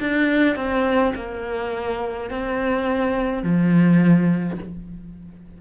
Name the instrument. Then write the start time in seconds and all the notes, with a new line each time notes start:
cello
0.00 D4
0.56 C4
1.15 A#3
2.30 C4
3.44 F3